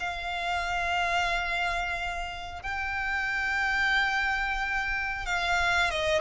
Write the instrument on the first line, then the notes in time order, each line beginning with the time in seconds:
violin
0.00 F5
2.63 G5
5.26 F5
5.91 D#5